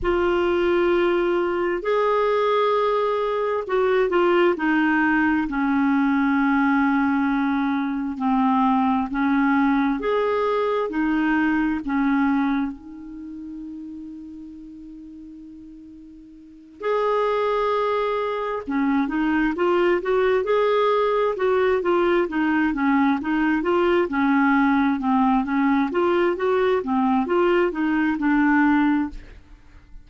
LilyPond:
\new Staff \with { instrumentName = "clarinet" } { \time 4/4 \tempo 4 = 66 f'2 gis'2 | fis'8 f'8 dis'4 cis'2~ | cis'4 c'4 cis'4 gis'4 | dis'4 cis'4 dis'2~ |
dis'2~ dis'8 gis'4.~ | gis'8 cis'8 dis'8 f'8 fis'8 gis'4 fis'8 | f'8 dis'8 cis'8 dis'8 f'8 cis'4 c'8 | cis'8 f'8 fis'8 c'8 f'8 dis'8 d'4 | }